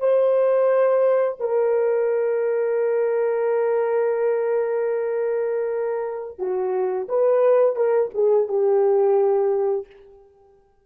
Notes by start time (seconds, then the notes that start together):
0.00 C5
1.40 A#4
6.39 F#4
7.09 B4
7.76 A#4
8.14 G#4
8.49 G4